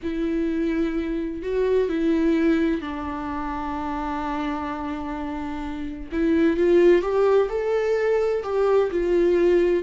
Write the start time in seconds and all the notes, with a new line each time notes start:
0.02 E4
1.42 F#4
1.89 E4
2.81 D4
6.12 E4
6.56 F4
7.01 G4
7.49 A4
8.43 G4
8.90 F4